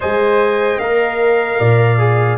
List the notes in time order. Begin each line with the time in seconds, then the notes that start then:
0.00 G#3 C5 D#5 G#5
0.79 A#3 A#4 F5
1.59 A#2 D5
1.98 G#4